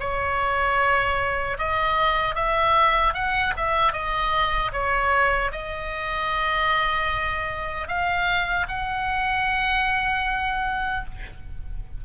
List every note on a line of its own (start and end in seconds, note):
0.00 1.58 C#5
1.59 2.36 D#5
2.36 3.14 E5
3.14 3.54 F#5
3.57 3.93 E5
3.93 4.72 D#5
4.73 5.52 C#5
5.52 7.88 D#5
7.88 8.67 F5
8.69 11.06 F#5